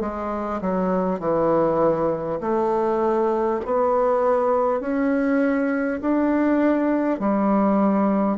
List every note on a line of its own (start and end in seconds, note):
0.00 0.60 G#3
0.61 1.19 F#3
1.19 2.39 E3
2.40 3.60 A3
3.65 4.80 B3
4.80 6.00 C#4
6.01 7.19 D4
7.19 8.37 G3